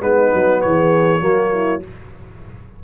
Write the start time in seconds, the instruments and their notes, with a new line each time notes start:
0.00 tuba G#3, trombone B3, horn D#4, trumpet B4
0.34 tuba F#3
0.62 tuba E3, horn G#4, trumpet C#5
1.20 tuba F#3, trombone A#3, horn F#4
1.54 horn E4